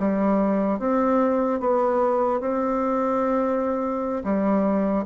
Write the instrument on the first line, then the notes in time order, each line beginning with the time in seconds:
bassoon
0.00 G3
0.80 C4
1.61 B3
2.41 C4
4.25 G3